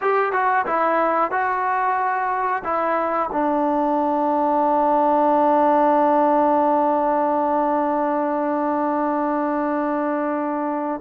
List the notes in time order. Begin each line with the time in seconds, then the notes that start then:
0.01 G4
0.32 F#4
0.66 E4
1.31 F#4
2.63 E4
3.32 D4